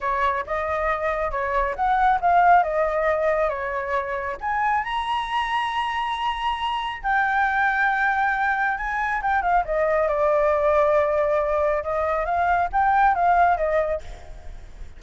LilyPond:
\new Staff \with { instrumentName = "flute" } { \time 4/4 \tempo 4 = 137 cis''4 dis''2 cis''4 | fis''4 f''4 dis''2 | cis''2 gis''4 ais''4~ | ais''1 |
g''1 | gis''4 g''8 f''8 dis''4 d''4~ | d''2. dis''4 | f''4 g''4 f''4 dis''4 | }